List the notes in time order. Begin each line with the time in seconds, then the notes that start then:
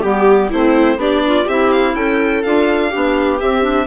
0.00 G3 B3 G4
0.49 A3 C4 E4 C5
0.96 B3 D4 G4 D5
1.26 F4
1.44 C4 E4 G4 E5
1.72 F5
1.95 C#4 A4 G5
2.42 D4 F4 F5
2.90 B3 D4 G4
3.40 C4 E5
3.61 D4